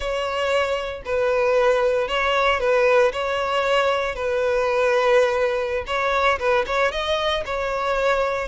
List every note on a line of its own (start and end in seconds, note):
0.00 1.02 C#5
1.05 2.08 B4
2.08 2.59 C#5
2.59 3.12 B4
3.12 4.15 C#5
4.15 5.84 B4
5.86 6.38 C#5
6.39 6.65 B4
6.66 6.91 C#5
6.91 7.43 D#5
7.45 8.48 C#5